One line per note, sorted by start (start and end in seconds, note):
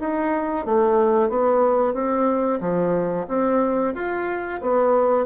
0.00 0.66 D#4
0.66 1.29 A3
1.29 1.94 B3
1.94 2.60 C4
2.60 3.26 F3
3.28 3.94 C4
3.95 4.61 F4
4.62 5.26 B3